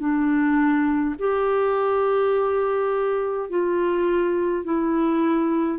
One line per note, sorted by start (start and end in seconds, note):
0.00 1.15 D4
1.19 3.50 G4
3.50 4.64 F4
4.64 5.78 E4